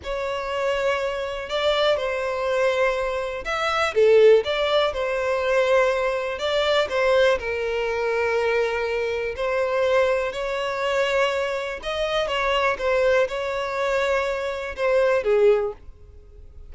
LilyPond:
\new Staff \with { instrumentName = "violin" } { \time 4/4 \tempo 4 = 122 cis''2. d''4 | c''2. e''4 | a'4 d''4 c''2~ | c''4 d''4 c''4 ais'4~ |
ais'2. c''4~ | c''4 cis''2. | dis''4 cis''4 c''4 cis''4~ | cis''2 c''4 gis'4 | }